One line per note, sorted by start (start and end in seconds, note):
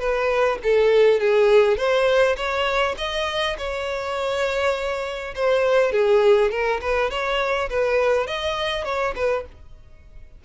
0.00 0.59 B4
0.64 1.20 A4
1.20 1.78 G#4
1.78 2.36 C5
2.37 2.96 C#5
2.98 3.57 D#5
3.59 5.35 C#5
5.36 5.93 C5
5.93 6.51 G#4
6.52 6.81 A#4
6.82 7.11 B4
7.11 7.70 C#5
7.70 8.27 B4
8.27 8.85 D#5
8.85 9.14 C#5
9.16 9.45 B4